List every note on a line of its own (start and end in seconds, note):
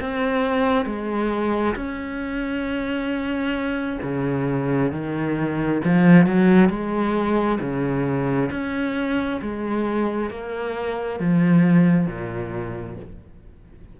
0.00 0.85 C4
0.85 1.75 G#3
1.75 3.99 C#4
4.02 4.92 C#3
4.92 5.81 D#3
5.84 6.26 F3
6.26 6.69 F#3
6.69 7.58 G#3
7.60 8.50 C#3
8.50 9.40 C#4
9.41 10.30 G#3
10.30 11.19 A#3
11.19 12.07 F3
12.07 12.96 A#2